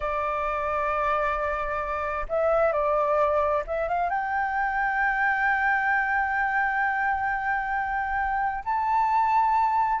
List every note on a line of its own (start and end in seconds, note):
0.00 2.26 D5
2.29 2.72 E5
2.72 3.63 D5
3.67 3.88 E5
3.88 4.09 F5
4.09 8.64 G5
8.64 10.00 A5